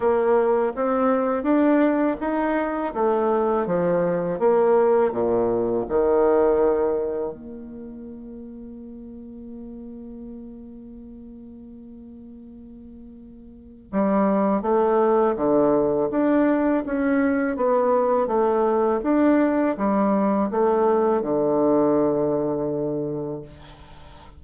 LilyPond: \new Staff \with { instrumentName = "bassoon" } { \time 4/4 \tempo 4 = 82 ais4 c'4 d'4 dis'4 | a4 f4 ais4 ais,4 | dis2 ais2~ | ais1~ |
ais2. g4 | a4 d4 d'4 cis'4 | b4 a4 d'4 g4 | a4 d2. | }